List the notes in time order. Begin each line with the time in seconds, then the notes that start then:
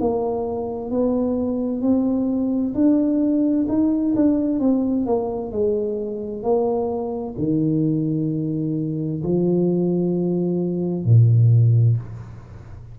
0.00 A#3
0.90 B3
1.81 C4
2.74 D4
3.68 D#4
4.15 D4
4.59 C4
5.06 A#3
5.51 G#3
6.42 A#3
7.38 D#3
9.23 F3
11.05 A#2